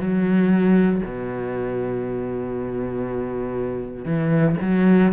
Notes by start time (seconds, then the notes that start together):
0.00 F#3
1.06 B2
4.05 E3
4.61 F#3